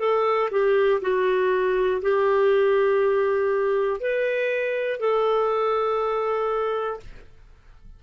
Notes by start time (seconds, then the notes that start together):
0.00 A4
0.51 G4
1.02 F#4
2.02 G4
4.00 B4
5.00 A4